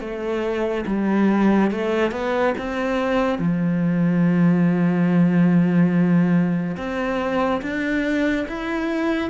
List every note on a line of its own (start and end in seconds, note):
0.00 0.85 A3
0.86 1.71 G3
1.71 2.11 A3
2.11 2.54 B3
2.57 3.38 C4
3.38 6.76 F3
6.77 7.61 C4
7.61 8.46 D4
8.48 9.30 E4